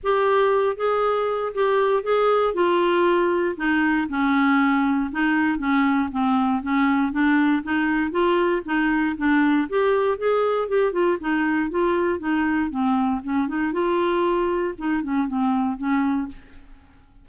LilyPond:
\new Staff \with { instrumentName = "clarinet" } { \time 4/4 \tempo 4 = 118 g'4. gis'4. g'4 | gis'4 f'2 dis'4 | cis'2 dis'4 cis'4 | c'4 cis'4 d'4 dis'4 |
f'4 dis'4 d'4 g'4 | gis'4 g'8 f'8 dis'4 f'4 | dis'4 c'4 cis'8 dis'8 f'4~ | f'4 dis'8 cis'8 c'4 cis'4 | }